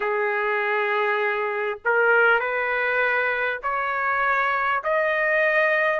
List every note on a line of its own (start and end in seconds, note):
0.00 1.78 G#4
1.84 2.39 A#4
2.39 3.59 B4
3.62 4.82 C#5
4.83 5.99 D#5